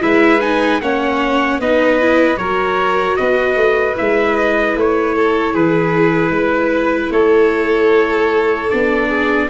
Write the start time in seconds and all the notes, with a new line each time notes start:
0.00 G#3 E4 B4 E5
0.41 D#4 G#5
0.80 A#3 C#4 C#5 F#5
1.60 B3 D#4 B4 D#5
2.00 E4
2.36 F#3 F#4 A#4 C#5
3.16 B3 B4 D#5
3.56 A3
3.96 G#3 E4 E5
4.36 D#5
4.75 A3 C#5
5.15 A4
5.53 E3 G#4 B4
6.30 G#3 B4
7.10 A3 A4 C#5
8.70 B3 D4 D5
9.08 G#4